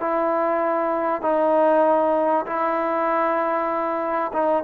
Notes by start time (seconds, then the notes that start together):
0.00 E4
1.21 D#4
2.46 E4
4.33 D#4